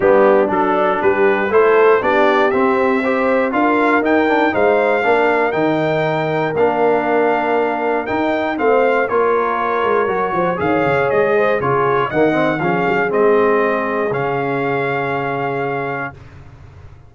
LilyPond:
<<
  \new Staff \with { instrumentName = "trumpet" } { \time 4/4 \tempo 4 = 119 g'4 a'4 b'4 c''4 | d''4 e''2 f''4 | g''4 f''2 g''4~ | g''4 f''2. |
g''4 f''4 cis''2~ | cis''4 f''4 dis''4 cis''4 | fis''4 f''4 dis''2 | f''1 | }
  \new Staff \with { instrumentName = "horn" } { \time 4/4 d'2 g'4 a'4 | g'2 c''4 ais'4~ | ais'4 c''4 ais'2~ | ais'1~ |
ais'4 c''4 ais'2~ | ais'8 c''8 cis''4. c''8 gis'4 | dis''4 gis'2.~ | gis'1 | }
  \new Staff \with { instrumentName = "trombone" } { \time 4/4 b4 d'2 e'4 | d'4 c'4 g'4 f'4 | dis'8 d'8 dis'4 d'4 dis'4~ | dis'4 d'2. |
dis'4 c'4 f'2 | fis'4 gis'2 f'4 | ais8 c'8 cis'4 c'2 | cis'1 | }
  \new Staff \with { instrumentName = "tuba" } { \time 4/4 g4 fis4 g4 a4 | b4 c'2 d'4 | dis'4 gis4 ais4 dis4~ | dis4 ais2. |
dis'4 a4 ais4. gis8 | fis8 f8 dis8 cis8 gis4 cis4 | dis4 f8 fis8 gis2 | cis1 | }
>>